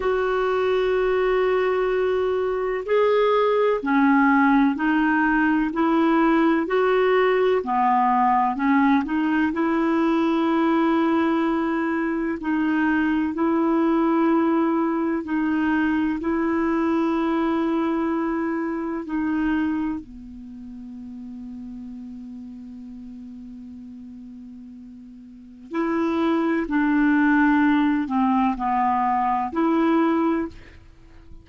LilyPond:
\new Staff \with { instrumentName = "clarinet" } { \time 4/4 \tempo 4 = 63 fis'2. gis'4 | cis'4 dis'4 e'4 fis'4 | b4 cis'8 dis'8 e'2~ | e'4 dis'4 e'2 |
dis'4 e'2. | dis'4 b2.~ | b2. e'4 | d'4. c'8 b4 e'4 | }